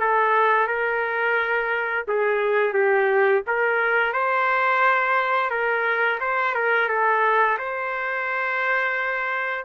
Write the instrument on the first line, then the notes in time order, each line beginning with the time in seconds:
trumpet
0.00 A4
0.67 A#4
2.08 G#4
2.73 G4
3.47 A#4
4.13 C5
5.50 A#4
6.20 C5
6.55 A#4
6.89 A4
7.58 C5